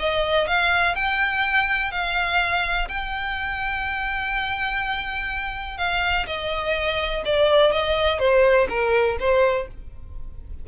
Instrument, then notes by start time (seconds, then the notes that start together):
violin
0.00 D#5
0.48 F5
0.95 G5
1.92 F5
2.89 G5
5.78 F5
6.27 D#5
7.26 D5
7.72 D#5
8.19 C5
8.69 A#4
9.20 C5